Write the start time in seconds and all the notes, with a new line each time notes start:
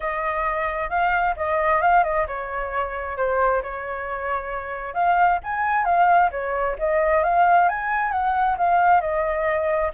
0.00 D#5
0.89 F5
1.36 D#5
1.81 F5
2.03 D#5
2.27 C#5
3.17 C5
3.62 C#5
4.94 F5
5.43 G#5
5.84 F5
6.31 C#5
6.79 D#5
7.23 F5
7.68 G#5
8.11 F#5
8.57 F5
9.01 D#5